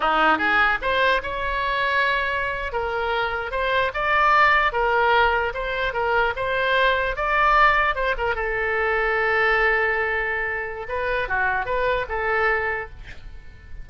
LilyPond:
\new Staff \with { instrumentName = "oboe" } { \time 4/4 \tempo 4 = 149 dis'4 gis'4 c''4 cis''4~ | cis''2~ cis''8. ais'4~ ais'16~ | ais'8. c''4 d''2 ais'16~ | ais'4.~ ais'16 c''4 ais'4 c''16~ |
c''4.~ c''16 d''2 c''16~ | c''16 ais'8 a'2.~ a'16~ | a'2. b'4 | fis'4 b'4 a'2 | }